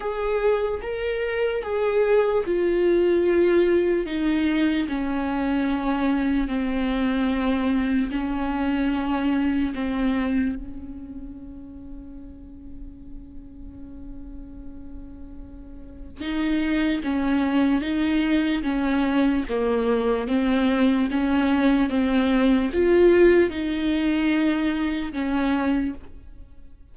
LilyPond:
\new Staff \with { instrumentName = "viola" } { \time 4/4 \tempo 4 = 74 gis'4 ais'4 gis'4 f'4~ | f'4 dis'4 cis'2 | c'2 cis'2 | c'4 cis'2.~ |
cis'1 | dis'4 cis'4 dis'4 cis'4 | ais4 c'4 cis'4 c'4 | f'4 dis'2 cis'4 | }